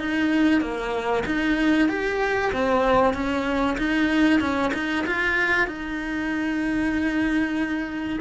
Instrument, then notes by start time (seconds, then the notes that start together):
cello
0.00 D#4
0.61 A#3
1.26 D#4
1.89 G4
2.53 C4
3.14 C#4
3.78 D#4
4.40 C#4
4.74 D#4
5.07 F4
5.67 D#4